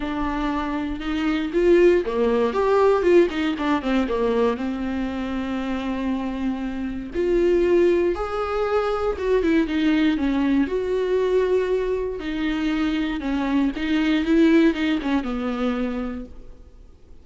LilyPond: \new Staff \with { instrumentName = "viola" } { \time 4/4 \tempo 4 = 118 d'2 dis'4 f'4 | ais4 g'4 f'8 dis'8 d'8 c'8 | ais4 c'2.~ | c'2 f'2 |
gis'2 fis'8 e'8 dis'4 | cis'4 fis'2. | dis'2 cis'4 dis'4 | e'4 dis'8 cis'8 b2 | }